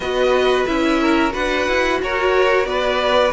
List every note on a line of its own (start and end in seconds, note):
0.00 0.65 B3
0.00 0.66 F#4
0.00 1.00 B4
0.00 0.66 D#5
0.66 1.34 C#4
0.66 1.30 E4
0.66 1.32 E5
1.00 1.32 A#4
1.30 1.68 D4
1.30 3.30 F#4
1.30 1.99 B4
1.30 2.01 F#5
1.68 2.01 E4
2.02 2.65 F#4
2.02 2.68 A#4
2.02 2.66 C#5
2.65 3.31 B3
2.65 3.33 B4
2.65 3.32 D5